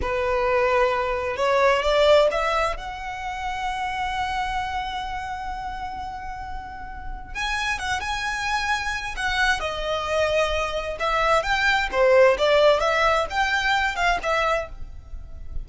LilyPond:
\new Staff \with { instrumentName = "violin" } { \time 4/4 \tempo 4 = 131 b'2. cis''4 | d''4 e''4 fis''2~ | fis''1~ | fis''1 |
gis''4 fis''8 gis''2~ gis''8 | fis''4 dis''2. | e''4 g''4 c''4 d''4 | e''4 g''4. f''8 e''4 | }